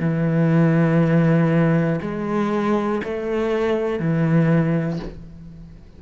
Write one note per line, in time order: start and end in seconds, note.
0.00 2.00 E3
2.02 3.02 G#3
3.05 4.00 A3
4.00 5.00 E3